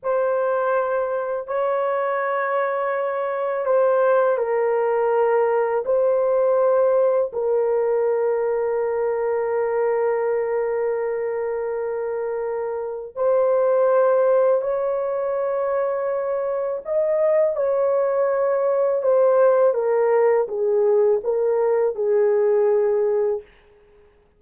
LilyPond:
\new Staff \with { instrumentName = "horn" } { \time 4/4 \tempo 4 = 82 c''2 cis''2~ | cis''4 c''4 ais'2 | c''2 ais'2~ | ais'1~ |
ais'2 c''2 | cis''2. dis''4 | cis''2 c''4 ais'4 | gis'4 ais'4 gis'2 | }